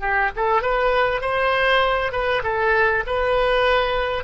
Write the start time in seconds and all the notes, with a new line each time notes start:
0.00 G4
0.36 A4
0.62 B4
1.21 C5
2.12 B4
2.43 A4
3.06 B4